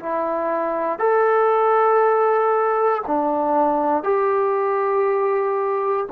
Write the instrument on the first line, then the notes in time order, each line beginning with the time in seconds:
trombone
0.00 E4
0.99 A4
3.07 D4
4.04 G4